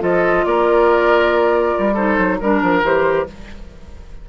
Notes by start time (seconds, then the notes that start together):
0.00 F3 F4 A4 D#5
0.46 A#3 A#4 D5
1.79 G3
1.94 D#4 A4 C5
2.19 F#3
2.39 G3 D4 A#4
2.62 F3
2.83 E3 G4 C5